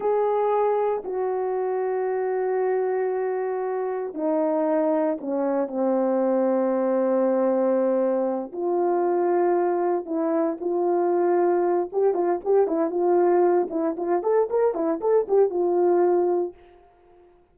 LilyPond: \new Staff \with { instrumentName = "horn" } { \time 4/4 \tempo 4 = 116 gis'2 fis'2~ | fis'1 | dis'2 cis'4 c'4~ | c'1~ |
c'8 f'2. e'8~ | e'8 f'2~ f'8 g'8 f'8 | g'8 e'8 f'4. e'8 f'8 a'8 | ais'8 e'8 a'8 g'8 f'2 | }